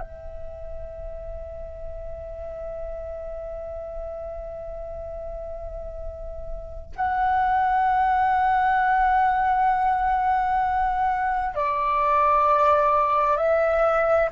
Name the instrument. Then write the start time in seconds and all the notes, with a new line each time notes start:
flute
0.00 E5
6.96 F#5
11.55 D5
13.37 E5